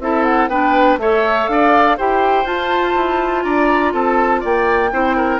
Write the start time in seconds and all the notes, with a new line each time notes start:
0.00 C4 E4 A4 E5
0.24 F#5
0.48 B3 D4 B4 G5
0.98 A3 A4 C#5 E5
1.48 D4 D5 F5
1.98 E4 G4 C5 G5
2.45 F4 A5
2.96 E4
3.43 D4 D5 A#5
3.93 C4 A4 A5
4.41 A#3 D5 G5
4.92 C4 E4 C5
5.17 A#4